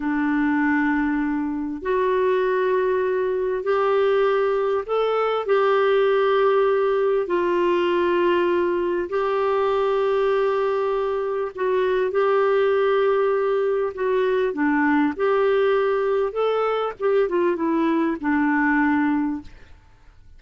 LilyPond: \new Staff \with { instrumentName = "clarinet" } { \time 4/4 \tempo 4 = 99 d'2. fis'4~ | fis'2 g'2 | a'4 g'2. | f'2. g'4~ |
g'2. fis'4 | g'2. fis'4 | d'4 g'2 a'4 | g'8 f'8 e'4 d'2 | }